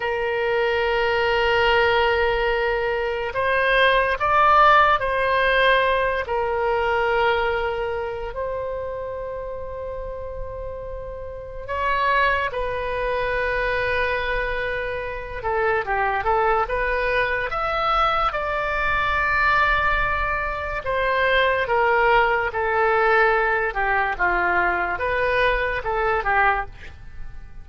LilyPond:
\new Staff \with { instrumentName = "oboe" } { \time 4/4 \tempo 4 = 72 ais'1 | c''4 d''4 c''4. ais'8~ | ais'2 c''2~ | c''2 cis''4 b'4~ |
b'2~ b'8 a'8 g'8 a'8 | b'4 e''4 d''2~ | d''4 c''4 ais'4 a'4~ | a'8 g'8 f'4 b'4 a'8 g'8 | }